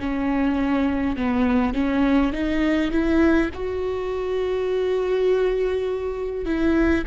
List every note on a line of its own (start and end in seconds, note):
0.00 1.17 C#4
1.17 1.74 B3
1.74 2.33 C#4
2.33 2.92 D#4
2.92 3.51 E4
3.54 6.46 F#4
6.46 7.05 E4